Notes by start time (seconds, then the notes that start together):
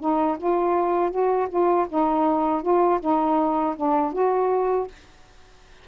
0.00 D#4
0.38 F4
1.11 F#4
1.49 F4
1.89 D#4
2.62 F4
3.00 D#4
3.76 D4
4.12 F#4